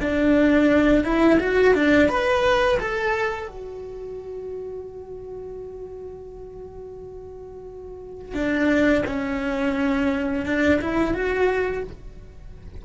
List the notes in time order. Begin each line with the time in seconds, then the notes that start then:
0.00 D4
1.04 E4
1.40 F#4
1.74 D4
2.09 B4
2.80 A4
3.48 F#4
8.34 D4
9.06 C#4
10.45 D4
10.81 E4
11.14 F#4